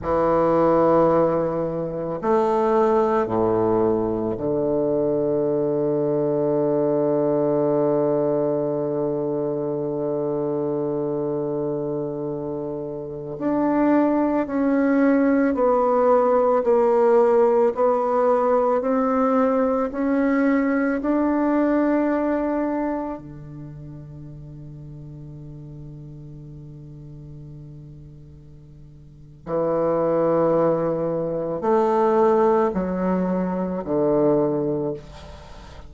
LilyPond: \new Staff \with { instrumentName = "bassoon" } { \time 4/4 \tempo 4 = 55 e2 a4 a,4 | d1~ | d1~ | d16 d'4 cis'4 b4 ais8.~ |
ais16 b4 c'4 cis'4 d'8.~ | d'4~ d'16 d2~ d8.~ | d2. e4~ | e4 a4 fis4 d4 | }